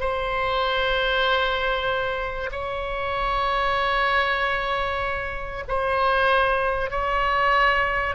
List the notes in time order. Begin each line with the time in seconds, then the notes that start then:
0.00 C5
2.51 C#5
5.68 C5
6.90 C#5